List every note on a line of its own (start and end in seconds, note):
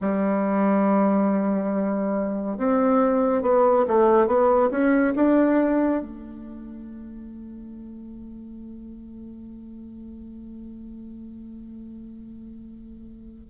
0.00 2.57 G3
2.57 3.42 C4
3.42 3.85 B3
3.87 4.26 A3
4.26 4.69 B3
4.70 5.13 C#4
5.15 6.01 D4
6.01 13.49 A3